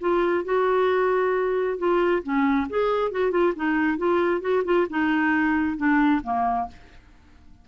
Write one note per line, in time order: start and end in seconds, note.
0.00 0.44 F4
0.44 1.78 F#4
1.78 2.22 F4
2.23 2.67 C#4
2.69 3.11 G#4
3.11 3.31 F#4
3.31 3.53 F4
3.55 3.97 D#4
3.97 4.41 F4
4.41 4.63 F#4
4.64 4.87 F4
4.89 5.77 D#4
5.77 6.21 D4
6.23 6.67 A#3